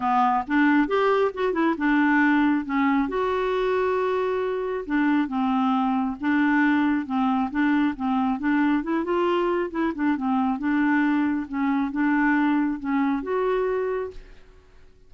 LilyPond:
\new Staff \with { instrumentName = "clarinet" } { \time 4/4 \tempo 4 = 136 b4 d'4 g'4 fis'8 e'8 | d'2 cis'4 fis'4~ | fis'2. d'4 | c'2 d'2 |
c'4 d'4 c'4 d'4 | e'8 f'4. e'8 d'8 c'4 | d'2 cis'4 d'4~ | d'4 cis'4 fis'2 | }